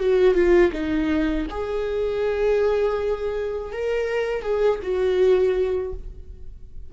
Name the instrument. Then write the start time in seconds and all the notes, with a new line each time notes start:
viola
0.00 F#4
0.35 F4
0.73 D#4
1.51 G#4
3.73 A#4
4.43 G#4
4.83 F#4